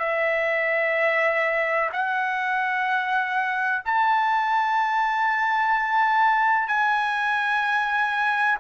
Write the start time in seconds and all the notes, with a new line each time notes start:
0.00 E5
1.93 F#5
3.85 A5
6.68 G#5